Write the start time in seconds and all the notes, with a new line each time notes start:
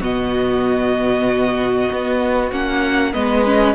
0.00 B2 B3 F#4 D#5
1.92 B3
2.52 A#3 C#4 F#5
3.13 G#3 B3 B4 D#5
3.45 C#4